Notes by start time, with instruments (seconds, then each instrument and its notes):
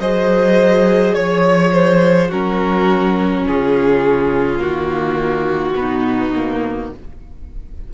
0.00 cello F#3, viola G#4, violin C5 D#5
1.14 cello F3, violin C#5
1.73 violin C5
2.28 cello F#3, viola C#4, violin F#4 A#4
3.47 cello C#3, violin F4 G#4
4.59 cello D#3, viola A#3, violin F#4
5.75 cello B2, viola B3, violin D#4
6.36 viola A#3